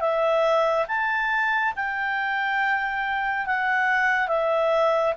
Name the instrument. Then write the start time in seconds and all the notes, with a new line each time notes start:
clarinet
0.00 E5
0.88 A5
1.76 G5
3.46 F#5
4.28 E5